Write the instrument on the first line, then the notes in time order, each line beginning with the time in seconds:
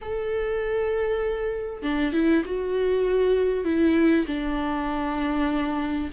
viola
0.01 A4
1.82 D4
2.12 E4
2.45 F#4
3.64 E4
4.26 D4